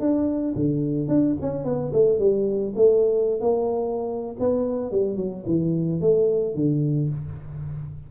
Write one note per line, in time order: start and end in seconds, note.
0.00 0.55 D4
0.55 1.08 D3
1.08 1.35 D4
1.41 1.64 C#4
1.64 1.92 B3
1.93 2.19 A3
2.19 2.73 G3
2.76 3.40 A3
3.40 4.36 A#3
4.39 4.91 B3
4.91 5.16 G3
5.16 5.44 F#3
5.46 6.01 E3
6.01 6.55 A3
6.55 7.09 D3